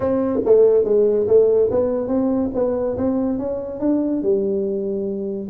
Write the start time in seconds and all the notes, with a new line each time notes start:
0.00 C4
0.45 A3
0.84 G#3
1.27 A3
1.70 B3
2.07 C4
2.54 B3
2.97 C4
3.38 C#4
3.80 D4
4.22 G3